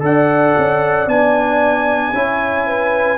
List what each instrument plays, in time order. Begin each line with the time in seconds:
0.00 tuba D4, trombone A4, horn D5, trumpet F#5
0.57 tuba C#4
1.06 tuba B3, trombone D4, trumpet G#5
2.13 tuba C#4, trombone E4, horn C#5
2.67 horn B4